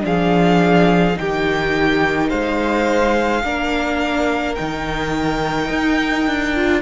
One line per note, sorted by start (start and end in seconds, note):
0.00 1.17 F3
0.00 1.13 D4
0.00 1.18 G#4
0.00 1.18 F5
1.15 2.31 D#3
1.15 3.41 D#4
1.15 2.29 G4
1.15 2.29 G5
2.29 3.44 G#3
2.29 3.42 C5
2.29 4.55 F5
3.44 4.57 A#3
3.44 4.57 D4
3.44 6.82 A#4
4.55 5.70 D#3
4.55 6.55 D#4
4.55 6.81 G5
5.70 6.26 D#4
6.27 6.82 D4
6.55 6.82 F4